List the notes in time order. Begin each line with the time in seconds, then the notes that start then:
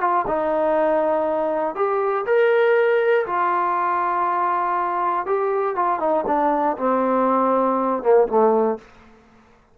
0.00 F4
0.27 D#4
1.75 G4
2.26 A#4
3.26 F4
5.26 G4
5.75 F4
5.99 D#4
6.26 D4
6.77 C4
8.03 A#3
8.28 A3